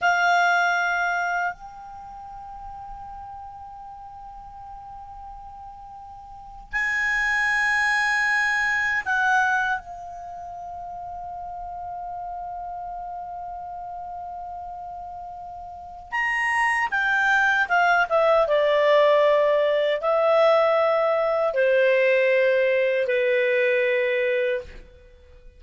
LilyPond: \new Staff \with { instrumentName = "clarinet" } { \time 4/4 \tempo 4 = 78 f''2 g''2~ | g''1~ | g''8. gis''2. fis''16~ | fis''8. f''2.~ f''16~ |
f''1~ | f''4 ais''4 g''4 f''8 e''8 | d''2 e''2 | c''2 b'2 | }